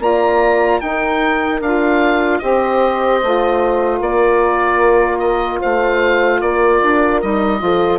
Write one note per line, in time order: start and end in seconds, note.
0.00 0.80 A#3
0.00 0.81 F4
0.00 0.83 D5
0.00 0.81 A#5
0.81 1.61 D#4
0.81 2.42 A#4
0.81 1.61 G5
1.61 2.41 D4
1.61 2.41 F4
1.61 2.39 F5
2.39 3.22 C4
2.39 3.21 G4
2.39 3.99 C5
2.39 3.99 D#5
3.23 4.01 A3
3.23 7.24 F4
3.99 5.61 A#3
3.99 5.59 A#4
3.99 5.19 D5
5.19 5.59 D#5
5.60 6.41 A3
5.60 6.40 C5
5.60 6.41 F5
6.41 6.81 A#3
6.41 7.61 A#4
6.41 7.21 D5
6.83 7.23 D4
7.22 7.62 G3
7.22 7.59 D#4
7.22 7.99 D#5
7.59 7.99 F3
7.59 7.99 F4
7.59 7.99 A4